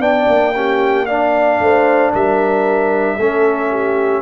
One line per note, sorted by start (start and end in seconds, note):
0.00 0.26 B3
0.00 0.53 D4
0.00 0.54 D5
0.00 1.05 G5
0.28 1.59 A#3
0.55 1.08 C#4
0.55 1.07 G4
1.05 3.19 D4
1.05 1.60 D5
1.05 2.11 F5
1.59 2.12 A3
1.59 2.12 C5
2.12 3.18 G3
2.12 3.16 A#4
2.12 4.21 E5
3.16 4.21 A3
3.16 4.21 C#4
3.16 3.69 A4
3.70 4.21 G4